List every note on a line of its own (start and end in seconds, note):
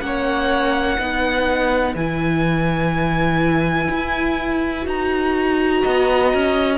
0.00 0.97 A#3
0.00 0.97 C#4
0.00 1.00 C#5
0.00 1.94 F#5
0.98 1.94 B3
0.98 1.95 D#4
0.98 5.82 B4
1.94 3.88 E3
1.94 4.82 E4
1.94 4.86 G#5
3.90 4.86 E4
4.82 5.83 D#4
4.82 6.75 F#4
4.82 6.78 A#5
5.82 6.33 B3
5.82 6.78 D#5
6.33 6.78 C#4